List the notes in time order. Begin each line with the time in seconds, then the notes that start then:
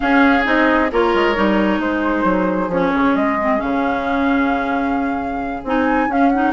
0.00 C#4 G#4 F5
0.44 C4 D#4 D#5
0.91 A#3 F4 A#4 C#5
1.14 G#3
1.35 G3 D#4
1.78 G#3 G#4 C5
2.24 F#3
2.68 F3 C#4 C#5
2.94 C#3
3.15 G#3 D#5
3.40 C4
3.57 C#3 C#4 F5
5.63 C4 D#4 G#5
6.08 C#4 F5
6.29 D#4 F#5